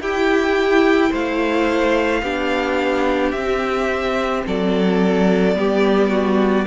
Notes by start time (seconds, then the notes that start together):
0.00 E4 G4 G5
1.10 A3 C5 F5
2.22 B3 D4 G4
3.31 C4 E5
4.46 F#3 A4 D5
5.54 G3 B3 G4
6.09 F#4